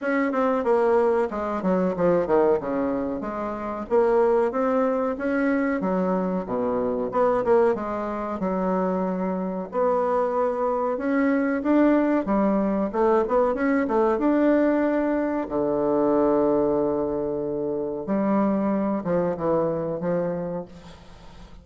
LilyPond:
\new Staff \with { instrumentName = "bassoon" } { \time 4/4 \tempo 4 = 93 cis'8 c'8 ais4 gis8 fis8 f8 dis8 | cis4 gis4 ais4 c'4 | cis'4 fis4 b,4 b8 ais8 | gis4 fis2 b4~ |
b4 cis'4 d'4 g4 | a8 b8 cis'8 a8 d'2 | d1 | g4. f8 e4 f4 | }